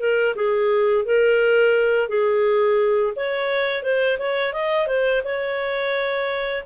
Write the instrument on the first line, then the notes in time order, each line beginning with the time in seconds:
clarinet
0.00 A#4
0.36 G#4
1.05 A#4
2.09 G#4
3.16 C#5
3.83 C5
4.19 C#5
4.53 D#5
4.87 C5
5.24 C#5